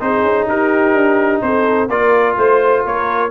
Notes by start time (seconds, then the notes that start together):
0.00 C4 D#4 G#4 C5
0.23 C#4
0.48 D#4 G4 A#4
0.94 D4
1.42 C4 A4 C5
1.89 A#3 F4 A#4 D5
2.37 A3 C5
2.85 A#3 A#4 C#5